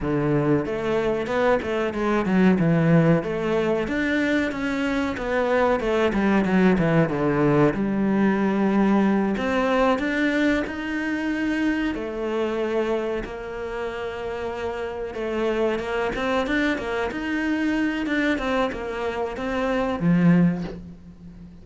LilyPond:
\new Staff \with { instrumentName = "cello" } { \time 4/4 \tempo 4 = 93 d4 a4 b8 a8 gis8 fis8 | e4 a4 d'4 cis'4 | b4 a8 g8 fis8 e8 d4 | g2~ g8 c'4 d'8~ |
d'8 dis'2 a4.~ | a8 ais2. a8~ | a8 ais8 c'8 d'8 ais8 dis'4. | d'8 c'8 ais4 c'4 f4 | }